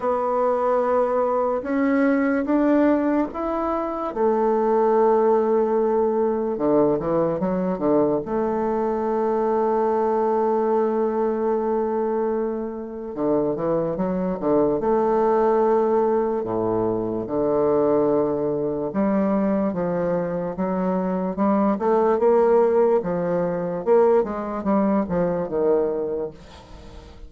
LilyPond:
\new Staff \with { instrumentName = "bassoon" } { \time 4/4 \tempo 4 = 73 b2 cis'4 d'4 | e'4 a2. | d8 e8 fis8 d8 a2~ | a1 |
d8 e8 fis8 d8 a2 | a,4 d2 g4 | f4 fis4 g8 a8 ais4 | f4 ais8 gis8 g8 f8 dis4 | }